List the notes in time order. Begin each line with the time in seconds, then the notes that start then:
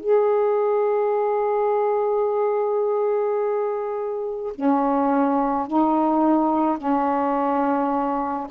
0.00 G#4
4.55 C#4
5.67 D#4
6.77 C#4